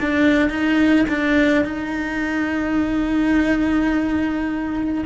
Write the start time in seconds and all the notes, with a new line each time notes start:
0.00 D4
0.49 D#4
1.09 D4
1.65 D#4